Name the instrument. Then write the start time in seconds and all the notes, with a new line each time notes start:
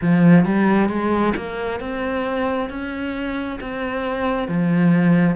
cello
0.01 F3
0.45 G3
0.89 G#3
1.36 A#3
1.80 C4
2.69 C#4
3.60 C4
4.48 F3